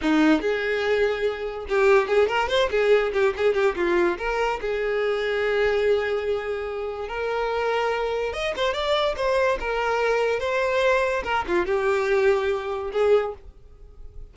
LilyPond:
\new Staff \with { instrumentName = "violin" } { \time 4/4 \tempo 4 = 144 dis'4 gis'2. | g'4 gis'8 ais'8 c''8 gis'4 g'8 | gis'8 g'8 f'4 ais'4 gis'4~ | gis'1~ |
gis'4 ais'2. | dis''8 c''8 d''4 c''4 ais'4~ | ais'4 c''2 ais'8 f'8 | g'2. gis'4 | }